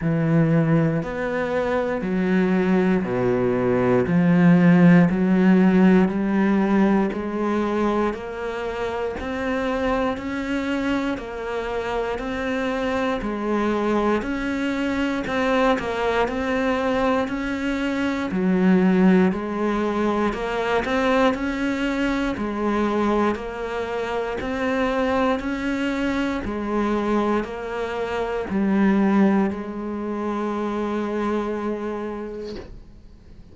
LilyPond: \new Staff \with { instrumentName = "cello" } { \time 4/4 \tempo 4 = 59 e4 b4 fis4 b,4 | f4 fis4 g4 gis4 | ais4 c'4 cis'4 ais4 | c'4 gis4 cis'4 c'8 ais8 |
c'4 cis'4 fis4 gis4 | ais8 c'8 cis'4 gis4 ais4 | c'4 cis'4 gis4 ais4 | g4 gis2. | }